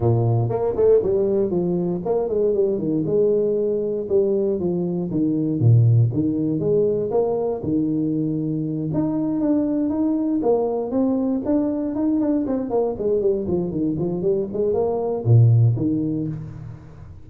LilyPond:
\new Staff \with { instrumentName = "tuba" } { \time 4/4 \tempo 4 = 118 ais,4 ais8 a8 g4 f4 | ais8 gis8 g8 dis8 gis2 | g4 f4 dis4 ais,4 | dis4 gis4 ais4 dis4~ |
dis4. dis'4 d'4 dis'8~ | dis'8 ais4 c'4 d'4 dis'8 | d'8 c'8 ais8 gis8 g8 f8 dis8 f8 | g8 gis8 ais4 ais,4 dis4 | }